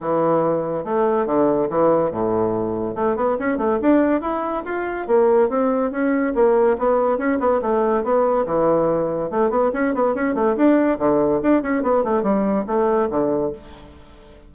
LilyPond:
\new Staff \with { instrumentName = "bassoon" } { \time 4/4 \tempo 4 = 142 e2 a4 d4 | e4 a,2 a8 b8 | cis'8 a8 d'4 e'4 f'4 | ais4 c'4 cis'4 ais4 |
b4 cis'8 b8 a4 b4 | e2 a8 b8 cis'8 b8 | cis'8 a8 d'4 d4 d'8 cis'8 | b8 a8 g4 a4 d4 | }